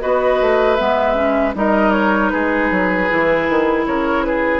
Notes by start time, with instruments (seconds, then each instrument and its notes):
0.00 bassoon B3, clarinet F#4, oboe B4, flute D#5
0.41 bassoon A3
0.75 bassoon G#3, clarinet B3, flute E5
1.14 clarinet C#4
1.54 bassoon G3, clarinet D#4, oboe A#4, flute D#5
1.91 flute C#5
2.29 bassoon G#3, oboe G#4, flute B4
2.70 bassoon F#3
3.09 bassoon E3, clarinet E4
3.49 bassoon D#3
3.86 bassoon C#3, oboe A#4, flute C#5
4.23 oboe G#4, flute B4